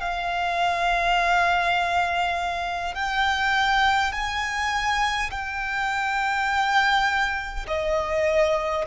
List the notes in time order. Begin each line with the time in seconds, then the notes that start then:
0.00 F5
2.94 G5
4.12 G#5
5.30 G5
7.67 D#5